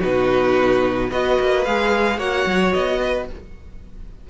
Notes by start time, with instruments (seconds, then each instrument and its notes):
0.00 cello B2, viola D#4, violin F#4 B4
1.10 cello B3, viola F#4, violin B4 D#5
1.40 cello A#3
1.65 cello G#3, viola G#4, violin F5
2.18 cello A#3, viola F#4, violin C#5 F#5
2.46 cello F#3
2.73 cello B3, violin D#5
3.02 violin B4